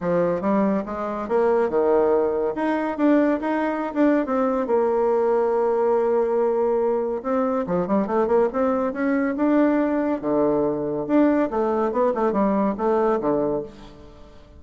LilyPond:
\new Staff \with { instrumentName = "bassoon" } { \time 4/4 \tempo 4 = 141 f4 g4 gis4 ais4 | dis2 dis'4 d'4 | dis'4~ dis'16 d'8. c'4 ais4~ | ais1~ |
ais4 c'4 f8 g8 a8 ais8 | c'4 cis'4 d'2 | d2 d'4 a4 | b8 a8 g4 a4 d4 | }